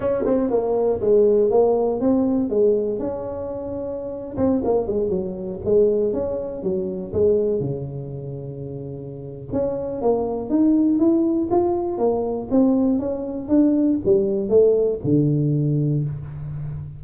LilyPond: \new Staff \with { instrumentName = "tuba" } { \time 4/4 \tempo 4 = 120 cis'8 c'8 ais4 gis4 ais4 | c'4 gis4 cis'2~ | cis'8. c'8 ais8 gis8 fis4 gis8.~ | gis16 cis'4 fis4 gis4 cis8.~ |
cis2. cis'4 | ais4 dis'4 e'4 f'4 | ais4 c'4 cis'4 d'4 | g4 a4 d2 | }